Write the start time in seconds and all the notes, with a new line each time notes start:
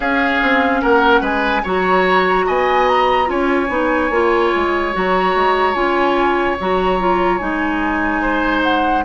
0.00 C#4 G#4 F5
0.42 C4
0.81 A#3 A#4 F#5
1.20 G#3 B4 G#5
1.63 F#3 F#4 C#5 A#5
2.46 B3 D#5 G#5
2.88 A#5
3.25 C#4 F4 C#5 G#5
3.68 B3 D#4
4.10 A#3 F4
4.55 G#3
4.92 F#3 F#4 A#5
5.35 G#3
5.74 C#4 F4 G#5
6.60 F#3 F#4 A#5
6.99 F4
7.37 G#3 D#4 G#5
8.21 C5
8.62 F#5